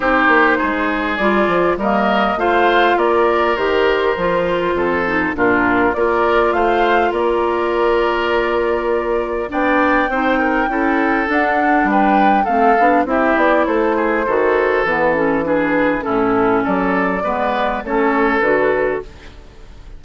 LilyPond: <<
  \new Staff \with { instrumentName = "flute" } { \time 4/4 \tempo 4 = 101 c''2 d''4 dis''4 | f''4 d''4 c''2~ | c''4 ais'4 d''4 f''4 | d''1 |
g''2. fis''4 | g''4 f''4 e''8 d''8 c''4~ | c''4 b'8 a'8 b'4 a'4 | d''2 cis''4 b'4 | }
  \new Staff \with { instrumentName = "oboe" } { \time 4/4 g'4 gis'2 ais'4 | c''4 ais'2. | a'4 f'4 ais'4 c''4 | ais'1 |
d''4 c''8 ais'8 a'2 | b'4 a'4 g'4 a'8 gis'8 | a'2 gis'4 e'4 | a'4 b'4 a'2 | }
  \new Staff \with { instrumentName = "clarinet" } { \time 4/4 dis'2 f'4 ais4 | f'2 g'4 f'4~ | f'8 dis'8 d'4 f'2~ | f'1 |
d'4 dis'4 e'4 d'4~ | d'4 c'8 d'8 e'2 | fis'4 b8 cis'8 d'4 cis'4~ | cis'4 b4 cis'4 fis'4 | }
  \new Staff \with { instrumentName = "bassoon" } { \time 4/4 c'8 ais8 gis4 g8 f8 g4 | a4 ais4 dis4 f4 | f,4 ais,4 ais4 a4 | ais1 |
b4 c'4 cis'4 d'4 | g4 a8 b8 c'8 b8 a4 | dis4 e2 a,4 | fis4 gis4 a4 d4 | }
>>